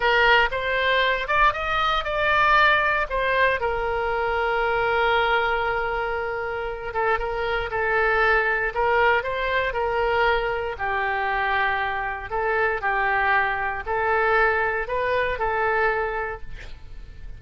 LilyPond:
\new Staff \with { instrumentName = "oboe" } { \time 4/4 \tempo 4 = 117 ais'4 c''4. d''8 dis''4 | d''2 c''4 ais'4~ | ais'1~ | ais'4. a'8 ais'4 a'4~ |
a'4 ais'4 c''4 ais'4~ | ais'4 g'2. | a'4 g'2 a'4~ | a'4 b'4 a'2 | }